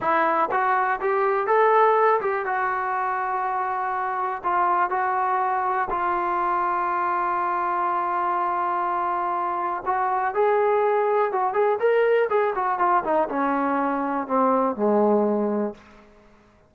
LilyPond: \new Staff \with { instrumentName = "trombone" } { \time 4/4 \tempo 4 = 122 e'4 fis'4 g'4 a'4~ | a'8 g'8 fis'2.~ | fis'4 f'4 fis'2 | f'1~ |
f'1 | fis'4 gis'2 fis'8 gis'8 | ais'4 gis'8 fis'8 f'8 dis'8 cis'4~ | cis'4 c'4 gis2 | }